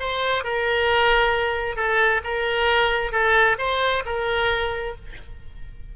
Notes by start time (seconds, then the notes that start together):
0.00 C5
0.44 A#4
1.77 A4
2.24 A#4
3.12 A4
3.58 C5
4.05 A#4